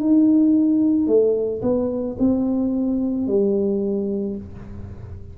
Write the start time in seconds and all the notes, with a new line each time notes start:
0.00 D#4
1.07 A3
1.62 B3
2.19 C4
3.27 G3